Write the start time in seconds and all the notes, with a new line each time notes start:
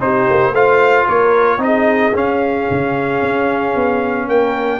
0.00 C4 D#4 G4 C5
0.29 A#3
0.51 A3 F4 C5 F5
1.06 A#3 A#4 C#5
1.58 C4 D#4 D#5
1.64 G#4
2.14 C#4 F5
2.71 C#3
3.22 C#4
3.75 B3
4.28 A#3 A#4 G5